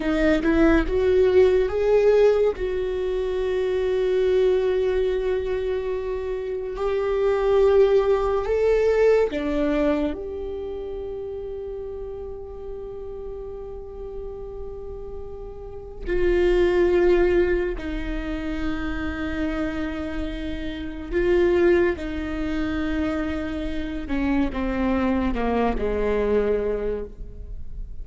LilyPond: \new Staff \with { instrumentName = "viola" } { \time 4/4 \tempo 4 = 71 dis'8 e'8 fis'4 gis'4 fis'4~ | fis'1 | g'2 a'4 d'4 | g'1~ |
g'2. f'4~ | f'4 dis'2.~ | dis'4 f'4 dis'2~ | dis'8 cis'8 c'4 ais8 gis4. | }